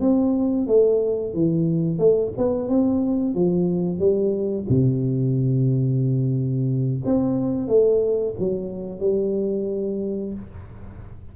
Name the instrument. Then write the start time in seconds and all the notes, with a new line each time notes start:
tuba
0.00 C4
0.67 A3
1.34 E3
1.98 A3
2.37 B3
2.68 C4
3.35 F3
3.99 G3
4.69 C3
7.05 C4
7.68 A3
8.39 F#3
9.00 G3